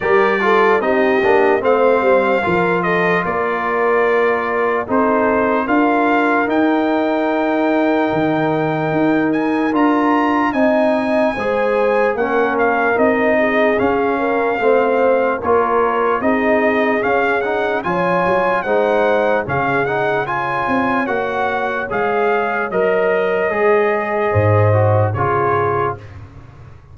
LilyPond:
<<
  \new Staff \with { instrumentName = "trumpet" } { \time 4/4 \tempo 4 = 74 d''4 dis''4 f''4. dis''8 | d''2 c''4 f''4 | g''2.~ g''8 gis''8 | ais''4 gis''2 fis''8 f''8 |
dis''4 f''2 cis''4 | dis''4 f''8 fis''8 gis''4 fis''4 | f''8 fis''8 gis''4 fis''4 f''4 | dis''2. cis''4 | }
  \new Staff \with { instrumentName = "horn" } { \time 4/4 ais'8 a'8 g'4 c''4 ais'8 a'8 | ais'2 a'4 ais'4~ | ais'1~ | ais'4 dis''4 c''4 ais'4~ |
ais'8 gis'4 ais'8 c''4 ais'4 | gis'2 cis''4 c''4 | gis'4 cis''2.~ | cis''2 c''4 gis'4 | }
  \new Staff \with { instrumentName = "trombone" } { \time 4/4 g'8 f'8 dis'8 d'8 c'4 f'4~ | f'2 dis'4 f'4 | dis'1 | f'4 dis'4 gis'4 cis'4 |
dis'4 cis'4 c'4 f'4 | dis'4 cis'8 dis'8 f'4 dis'4 | cis'8 dis'8 f'4 fis'4 gis'4 | ais'4 gis'4. fis'8 f'4 | }
  \new Staff \with { instrumentName = "tuba" } { \time 4/4 g4 c'8 ais8 a8 g8 f4 | ais2 c'4 d'4 | dis'2 dis4 dis'4 | d'4 c'4 gis4 ais4 |
c'4 cis'4 a4 ais4 | c'4 cis'4 f8 fis8 gis4 | cis4. c'8 ais4 gis4 | fis4 gis4 gis,4 cis4 | }
>>